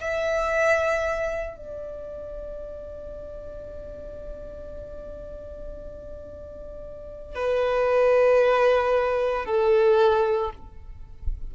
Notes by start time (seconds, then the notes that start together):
0.00 E5
1.57 D5
7.35 B4
9.45 A4